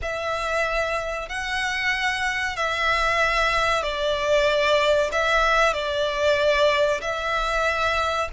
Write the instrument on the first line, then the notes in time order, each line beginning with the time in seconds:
violin
0.02 E5
1.29 F#5
2.56 E5
3.82 D5
5.12 E5
5.73 D5
7.01 E5